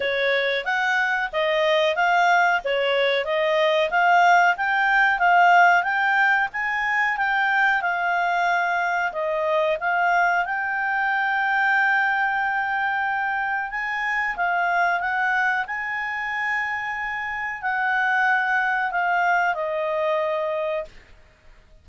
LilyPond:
\new Staff \with { instrumentName = "clarinet" } { \time 4/4 \tempo 4 = 92 cis''4 fis''4 dis''4 f''4 | cis''4 dis''4 f''4 g''4 | f''4 g''4 gis''4 g''4 | f''2 dis''4 f''4 |
g''1~ | g''4 gis''4 f''4 fis''4 | gis''2. fis''4~ | fis''4 f''4 dis''2 | }